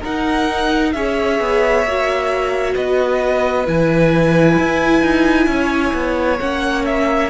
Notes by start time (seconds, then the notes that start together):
0.00 D#4 A#4 F#5
0.92 C#4 G#4 C#5 E5
1.39 B3
1.83 A#3 F#4
2.74 B3 B4 D#5
3.66 E3 E4 G#5
4.59 E4
5.02 D#4
5.46 C#4 C#5
5.93 B3
6.39 A#3 C#4 F#5
6.85 E5